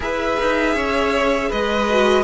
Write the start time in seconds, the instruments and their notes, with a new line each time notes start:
0.00 cello E4, viola G#4, violin B4 E5
0.40 cello D#4
0.74 cello C#4, violin C#5
1.48 cello G#3, violin B4 D#5
1.90 viola F#4